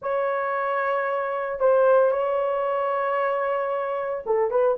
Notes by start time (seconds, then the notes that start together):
0.02 C#5
1.59 C5
2.11 C#5
4.26 A4
4.50 B4